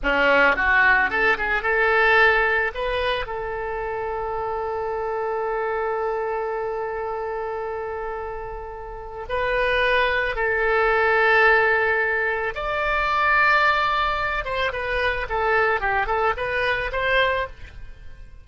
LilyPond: \new Staff \with { instrumentName = "oboe" } { \time 4/4 \tempo 4 = 110 cis'4 fis'4 a'8 gis'8 a'4~ | a'4 b'4 a'2~ | a'1~ | a'1~ |
a'4 b'2 a'4~ | a'2. d''4~ | d''2~ d''8 c''8 b'4 | a'4 g'8 a'8 b'4 c''4 | }